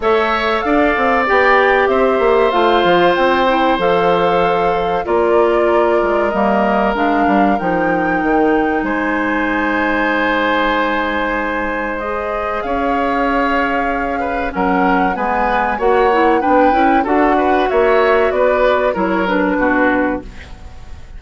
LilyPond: <<
  \new Staff \with { instrumentName = "flute" } { \time 4/4 \tempo 4 = 95 e''4 f''4 g''4 e''4 | f''4 g''4 f''2 | d''2 dis''4 f''4 | g''2 gis''2~ |
gis''2. dis''4 | f''2. fis''4 | gis''4 fis''4 g''4 fis''4 | e''4 d''4 cis''8 b'4. | }
  \new Staff \with { instrumentName = "oboe" } { \time 4/4 cis''4 d''2 c''4~ | c''1 | ais'1~ | ais'2 c''2~ |
c''1 | cis''2~ cis''8 b'8 ais'4 | b'4 cis''4 b'4 a'8 b'8 | cis''4 b'4 ais'4 fis'4 | }
  \new Staff \with { instrumentName = "clarinet" } { \time 4/4 a'2 g'2 | f'4. e'8 a'2 | f'2 ais4 d'4 | dis'1~ |
dis'2. gis'4~ | gis'2. cis'4 | b4 fis'8 e'8 d'8 e'8 fis'4~ | fis'2 e'8 d'4. | }
  \new Staff \with { instrumentName = "bassoon" } { \time 4/4 a4 d'8 c'8 b4 c'8 ais8 | a8 f8 c'4 f2 | ais4. gis8 g4 gis8 g8 | f4 dis4 gis2~ |
gis1 | cis'2. fis4 | gis4 ais4 b8 cis'8 d'4 | ais4 b4 fis4 b,4 | }
>>